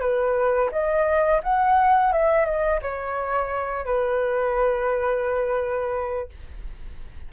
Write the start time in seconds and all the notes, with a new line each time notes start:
0.00 B4
0.71 D#5
1.43 F#5
2.12 E5
2.45 D#5
2.82 C#5
3.85 B4